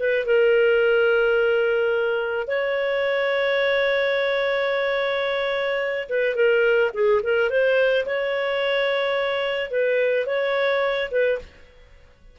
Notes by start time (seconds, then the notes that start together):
0.00 B4
0.26 A#4
2.48 C#5
6.10 B4
6.36 A#4
6.94 G#4
7.24 A#4
7.50 C5
8.06 C#5
9.71 B4
10.27 C#5
11.11 B4